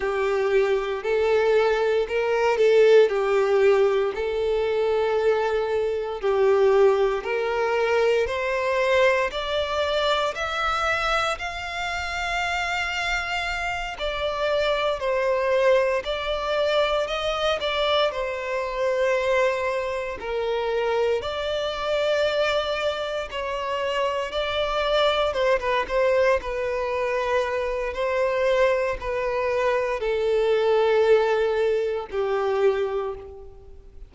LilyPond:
\new Staff \with { instrumentName = "violin" } { \time 4/4 \tempo 4 = 58 g'4 a'4 ais'8 a'8 g'4 | a'2 g'4 ais'4 | c''4 d''4 e''4 f''4~ | f''4. d''4 c''4 d''8~ |
d''8 dis''8 d''8 c''2 ais'8~ | ais'8 d''2 cis''4 d''8~ | d''8 c''16 b'16 c''8 b'4. c''4 | b'4 a'2 g'4 | }